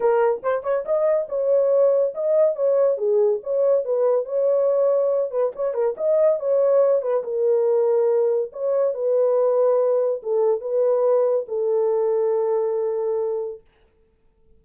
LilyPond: \new Staff \with { instrumentName = "horn" } { \time 4/4 \tempo 4 = 141 ais'4 c''8 cis''8 dis''4 cis''4~ | cis''4 dis''4 cis''4 gis'4 | cis''4 b'4 cis''2~ | cis''8 b'8 cis''8 ais'8 dis''4 cis''4~ |
cis''8 b'8 ais'2. | cis''4 b'2. | a'4 b'2 a'4~ | a'1 | }